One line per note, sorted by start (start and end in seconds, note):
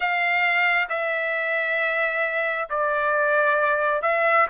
0.00 0.88 F5
0.89 2.68 E5
2.69 4.01 D5
4.01 4.46 E5